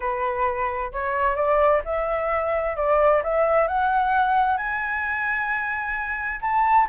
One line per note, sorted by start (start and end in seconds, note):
0.00 0.92 B4
0.92 1.35 C#5
1.35 1.81 D5
1.84 2.76 E5
2.76 3.22 D5
3.23 3.67 E5
3.67 4.57 F#5
4.57 6.40 G#5
6.41 6.87 A5